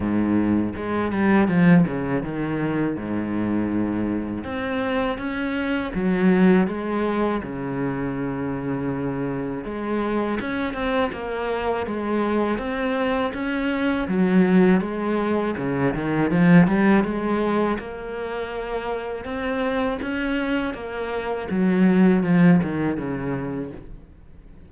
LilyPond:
\new Staff \with { instrumentName = "cello" } { \time 4/4 \tempo 4 = 81 gis,4 gis8 g8 f8 cis8 dis4 | gis,2 c'4 cis'4 | fis4 gis4 cis2~ | cis4 gis4 cis'8 c'8 ais4 |
gis4 c'4 cis'4 fis4 | gis4 cis8 dis8 f8 g8 gis4 | ais2 c'4 cis'4 | ais4 fis4 f8 dis8 cis4 | }